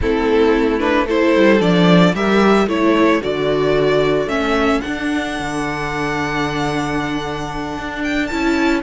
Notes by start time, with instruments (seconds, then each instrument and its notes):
0.01 cello A3, viola C4, violin E4 A4
0.79 viola D4, violin B4
1.05 viola E4, violin A4 C5
1.36 cello G3
1.60 cello F3, viola D4, violin D5
2.14 cello G3, viola G4, violin A#4 E5
2.67 cello A3, viola E4, violin A4 C#5
3.21 cello D3, viola F#4, violin D5
4.25 cello A3, viola C#4, violin E5
4.80 viola D4, cello D4, violin F#5
5.39 cello D3
7.78 cello D4
8.03 violin G5
8.26 cello C#4, viola E4, violin A5